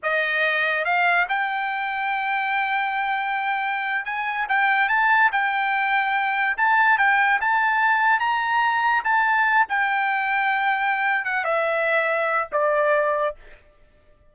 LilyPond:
\new Staff \with { instrumentName = "trumpet" } { \time 4/4 \tempo 4 = 144 dis''2 f''4 g''4~ | g''1~ | g''4.~ g''16 gis''4 g''4 a''16~ | a''8. g''2. a''16~ |
a''8. g''4 a''2 ais''16~ | ais''4.~ ais''16 a''4. g''8.~ | g''2. fis''8 e''8~ | e''2 d''2 | }